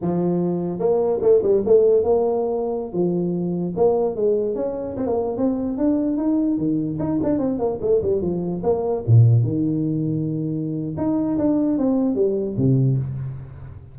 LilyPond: \new Staff \with { instrumentName = "tuba" } { \time 4/4 \tempo 4 = 148 f2 ais4 a8 g8 | a4 ais2~ ais16 f8.~ | f4~ f16 ais4 gis4 cis'8.~ | cis'16 c'16 ais8. c'4 d'4 dis'8.~ |
dis'16 dis4 dis'8 d'8 c'8 ais8 a8 g16~ | g16 f4 ais4 ais,4 dis8.~ | dis2. dis'4 | d'4 c'4 g4 c4 | }